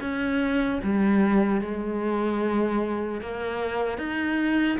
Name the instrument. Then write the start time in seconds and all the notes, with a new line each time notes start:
cello
0.00 C#4
0.83 G3
1.61 G#3
3.21 A#3
3.98 D#4